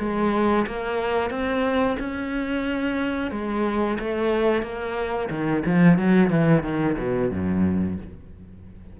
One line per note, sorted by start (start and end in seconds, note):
0.00 0.67 G#3
0.67 1.31 A#3
1.31 1.97 C4
2.00 3.32 C#4
3.32 3.98 G#3
4.00 4.63 A3
4.63 5.30 A#3
5.30 5.64 D#3
5.66 5.99 F3
5.99 6.30 F#3
6.30 6.64 E3
6.64 6.97 D#3
6.98 7.32 B2
7.32 7.98 F#2